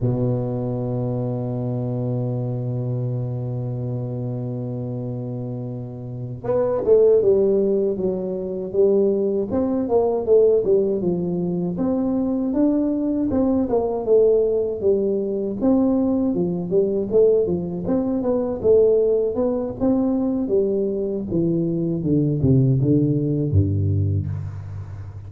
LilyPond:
\new Staff \with { instrumentName = "tuba" } { \time 4/4 \tempo 4 = 79 b,1~ | b,1~ | b,8 b8 a8 g4 fis4 g8~ | g8 c'8 ais8 a8 g8 f4 c'8~ |
c'8 d'4 c'8 ais8 a4 g8~ | g8 c'4 f8 g8 a8 f8 c'8 | b8 a4 b8 c'4 g4 | e4 d8 c8 d4 g,4 | }